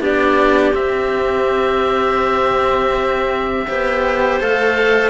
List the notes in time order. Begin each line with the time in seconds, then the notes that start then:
0.00 B3 D4 G4 D5
0.73 C4 E5
3.67 B3 G4 C5
4.40 A3 A4 F5